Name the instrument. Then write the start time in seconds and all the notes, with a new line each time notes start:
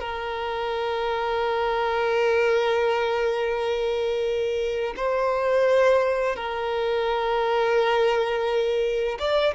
violin
0.00 A#4
4.97 C5
6.36 A#4
9.19 D5